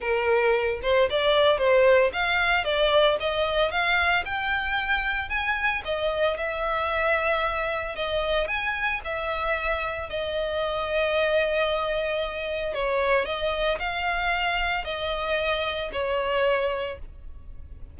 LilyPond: \new Staff \with { instrumentName = "violin" } { \time 4/4 \tempo 4 = 113 ais'4. c''8 d''4 c''4 | f''4 d''4 dis''4 f''4 | g''2 gis''4 dis''4 | e''2. dis''4 |
gis''4 e''2 dis''4~ | dis''1 | cis''4 dis''4 f''2 | dis''2 cis''2 | }